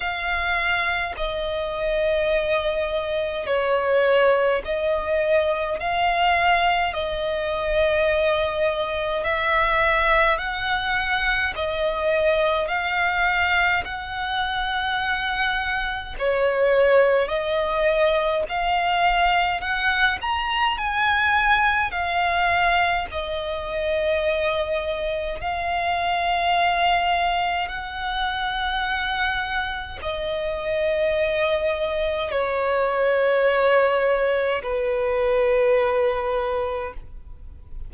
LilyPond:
\new Staff \with { instrumentName = "violin" } { \time 4/4 \tempo 4 = 52 f''4 dis''2 cis''4 | dis''4 f''4 dis''2 | e''4 fis''4 dis''4 f''4 | fis''2 cis''4 dis''4 |
f''4 fis''8 ais''8 gis''4 f''4 | dis''2 f''2 | fis''2 dis''2 | cis''2 b'2 | }